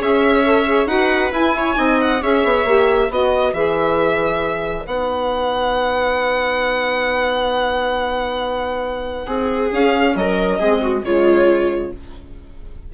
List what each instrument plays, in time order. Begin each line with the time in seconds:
0.00 bassoon C#4, saxophone G#4, viola C#5, violin E5
0.44 saxophone A4
0.67 saxophone G#4
0.86 bassoon D#4, saxophone F#4, viola B4, violin F#5
1.31 bassoon E4, saxophone E4, violin G#5
1.57 viola C#5
1.76 bassoon C4, saxophone D#4, viola D#5
2.01 violin F#5
2.21 bassoon C#4, saxophone G#4, viola C#5, violin E5
2.44 bassoon B3
2.65 bassoon A#3, saxophone G4
3.10 bassoon B3, saxophone F#4, viola B4, violin D#5
3.53 bassoon E3, saxophone G#4, violin E5
4.86 bassoon B3, saxophone D#4, violin F#5
9.26 bassoon C4, viola G#4
9.70 saxophone C#4, bassoon C#4, violin F5
10.15 bassoon F#3, viola A#4, violin D#5
10.59 bassoon G#3, saxophone C4, viola G#4
10.82 viola F#4
11.03 bassoon C#3, saxophone G#3, viola F4, violin C#5